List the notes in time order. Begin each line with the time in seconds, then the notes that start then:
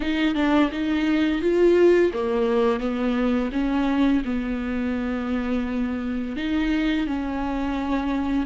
0.00 D#4
0.35 D4
0.71 D#4
1.41 F4
2.13 A#3
2.79 B3
3.52 C#4
4.24 B3
6.36 D#4
7.06 C#4